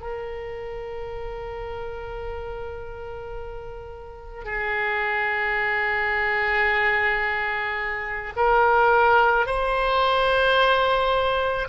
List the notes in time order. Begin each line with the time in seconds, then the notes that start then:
0.00 A#4
4.45 G#4
8.36 A#4
9.46 C5